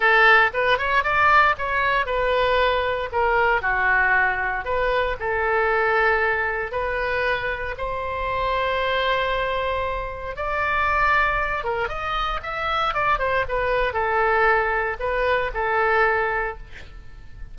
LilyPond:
\new Staff \with { instrumentName = "oboe" } { \time 4/4 \tempo 4 = 116 a'4 b'8 cis''8 d''4 cis''4 | b'2 ais'4 fis'4~ | fis'4 b'4 a'2~ | a'4 b'2 c''4~ |
c''1 | d''2~ d''8 ais'8 dis''4 | e''4 d''8 c''8 b'4 a'4~ | a'4 b'4 a'2 | }